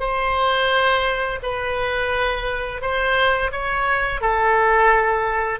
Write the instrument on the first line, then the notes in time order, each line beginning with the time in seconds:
oboe
0.00 C5
1.43 B4
2.81 C5
3.52 C#5
4.21 A4